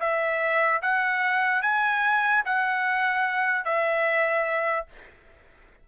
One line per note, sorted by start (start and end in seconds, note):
0.00 0.81 E5
0.82 1.62 F#5
1.62 2.43 G#5
2.45 3.64 F#5
3.64 4.86 E5